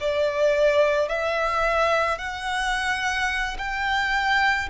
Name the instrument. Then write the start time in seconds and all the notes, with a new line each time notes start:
violin
0.00 D5
1.09 E5
2.18 F#5
3.58 G5